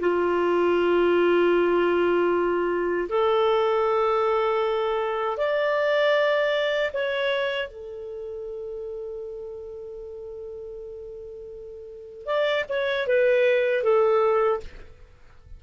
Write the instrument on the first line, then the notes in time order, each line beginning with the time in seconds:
clarinet
0.00 F4
3.09 A4
5.37 D5
6.93 C#5
7.67 A4
12.26 D5
12.69 C#5
13.07 B4
13.83 A4